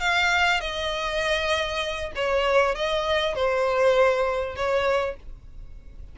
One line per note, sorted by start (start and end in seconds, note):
0.00 0.61 F5
0.61 2.12 D#5
2.15 2.75 C#5
2.75 3.35 D#5
3.35 4.56 C5
4.56 5.16 C#5